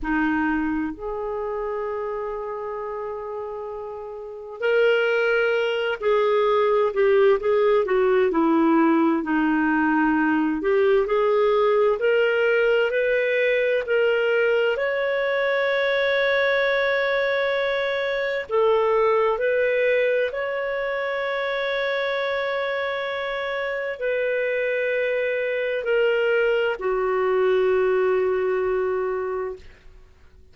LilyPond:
\new Staff \with { instrumentName = "clarinet" } { \time 4/4 \tempo 4 = 65 dis'4 gis'2.~ | gis'4 ais'4. gis'4 g'8 | gis'8 fis'8 e'4 dis'4. g'8 | gis'4 ais'4 b'4 ais'4 |
cis''1 | a'4 b'4 cis''2~ | cis''2 b'2 | ais'4 fis'2. | }